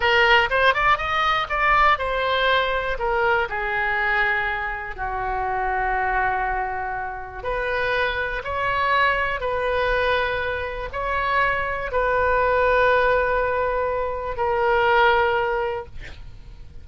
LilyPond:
\new Staff \with { instrumentName = "oboe" } { \time 4/4 \tempo 4 = 121 ais'4 c''8 d''8 dis''4 d''4 | c''2 ais'4 gis'4~ | gis'2 fis'2~ | fis'2. b'4~ |
b'4 cis''2 b'4~ | b'2 cis''2 | b'1~ | b'4 ais'2. | }